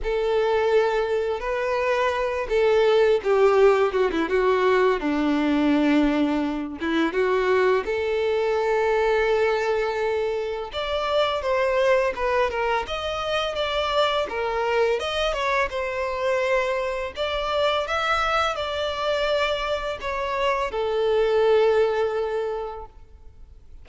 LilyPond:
\new Staff \with { instrumentName = "violin" } { \time 4/4 \tempo 4 = 84 a'2 b'4. a'8~ | a'8 g'4 fis'16 e'16 fis'4 d'4~ | d'4. e'8 fis'4 a'4~ | a'2. d''4 |
c''4 b'8 ais'8 dis''4 d''4 | ais'4 dis''8 cis''8 c''2 | d''4 e''4 d''2 | cis''4 a'2. | }